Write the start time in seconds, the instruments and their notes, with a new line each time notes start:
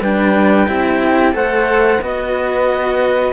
0.00 cello G3 D4, flute B4, clarinet G5
0.67 cello C4 E4, flute G4
1.32 cello A3 A4, flute C5, clarinet F#5
1.99 cello B3 F#4, flute B4, clarinet D#5